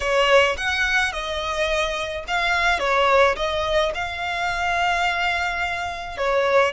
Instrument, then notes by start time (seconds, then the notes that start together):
violin
0.00 C#5
0.57 F#5
1.12 D#5
2.27 F5
2.79 C#5
3.36 D#5
3.94 F5
6.17 C#5